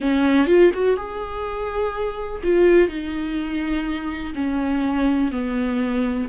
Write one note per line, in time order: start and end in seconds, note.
0.00 0.47 C#4
0.47 0.71 F4
0.73 0.96 F#4
0.96 2.41 G#4
2.43 2.88 F4
2.88 4.33 D#4
4.34 5.31 C#4
5.31 6.28 B3